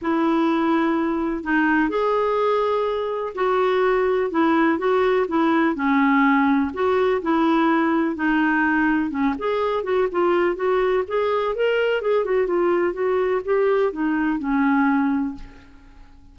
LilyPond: \new Staff \with { instrumentName = "clarinet" } { \time 4/4 \tempo 4 = 125 e'2. dis'4 | gis'2. fis'4~ | fis'4 e'4 fis'4 e'4 | cis'2 fis'4 e'4~ |
e'4 dis'2 cis'8 gis'8~ | gis'8 fis'8 f'4 fis'4 gis'4 | ais'4 gis'8 fis'8 f'4 fis'4 | g'4 dis'4 cis'2 | }